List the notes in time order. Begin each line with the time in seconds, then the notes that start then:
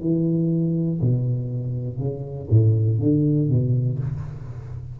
0.00 E3
1.01 B2
1.99 C#3
2.50 A2
2.99 D3
3.50 B2